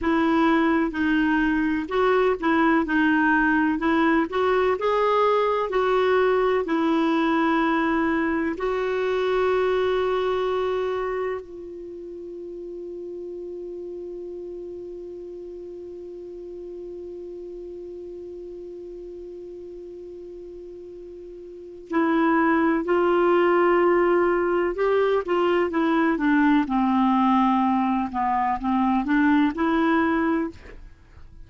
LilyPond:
\new Staff \with { instrumentName = "clarinet" } { \time 4/4 \tempo 4 = 63 e'4 dis'4 fis'8 e'8 dis'4 | e'8 fis'8 gis'4 fis'4 e'4~ | e'4 fis'2. | f'1~ |
f'1~ | f'2. e'4 | f'2 g'8 f'8 e'8 d'8 | c'4. b8 c'8 d'8 e'4 | }